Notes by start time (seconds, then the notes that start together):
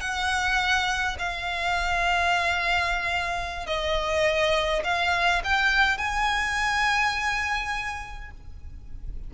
0.00 F#5
1.18 F5
3.66 D#5
4.84 F5
5.44 G5
5.98 G#5